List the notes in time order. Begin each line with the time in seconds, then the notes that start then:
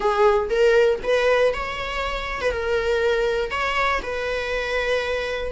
0.00 G#4
0.49 A#4
1.03 B4
1.53 C#5
2.41 B4
2.51 A#4
3.50 C#5
4.02 B4